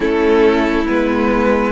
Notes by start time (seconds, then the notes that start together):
0.00 A3 C#4 E4 A4
0.86 G#3 B3 B4